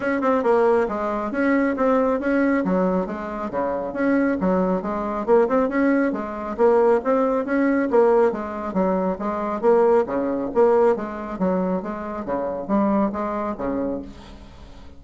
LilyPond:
\new Staff \with { instrumentName = "bassoon" } { \time 4/4 \tempo 4 = 137 cis'8 c'8 ais4 gis4 cis'4 | c'4 cis'4 fis4 gis4 | cis4 cis'4 fis4 gis4 | ais8 c'8 cis'4 gis4 ais4 |
c'4 cis'4 ais4 gis4 | fis4 gis4 ais4 cis4 | ais4 gis4 fis4 gis4 | cis4 g4 gis4 cis4 | }